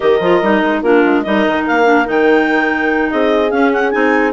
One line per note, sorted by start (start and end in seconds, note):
0.00 0.20 D#3
0.00 0.20 G4
0.00 0.81 A#4
0.00 0.82 D#5
0.20 0.40 F3
0.20 0.43 F4
0.41 0.62 G3
0.41 0.84 D#4
0.62 0.82 G#3
0.82 1.03 A#3
0.82 1.25 D4
0.82 1.24 F4
0.82 1.22 A#4
1.05 1.25 G#3
1.22 1.46 G3
1.22 1.84 D#4
1.22 3.11 A#4
1.22 1.63 D#5
1.47 1.68 D#3
1.67 2.08 A#3
1.67 2.08 F5
1.84 2.04 D4
2.05 3.11 D#3
2.05 3.50 D#4
2.05 3.10 G5
3.10 3.51 C4
3.10 4.33 G#4
3.10 3.50 D#5
3.50 3.91 C#4
3.50 3.92 C#4
3.50 3.71 F5
3.73 3.90 F#5
3.90 4.33 C4
3.90 4.33 D#4
3.90 4.32 G#5